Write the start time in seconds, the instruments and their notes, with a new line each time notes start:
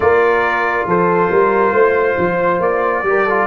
0.00 tuba A#3, trombone F4, horn A#4, trumpet D5
0.86 tuba F3, horn A4, trumpet C5
1.30 tuba G3, horn A#4
1.72 tuba A3, horn C5
2.17 tuba F3
2.59 tuba A#3, trumpet D5
3.02 tuba G3, trombone G4
3.09 horn A#4
3.24 trombone F4, horn A4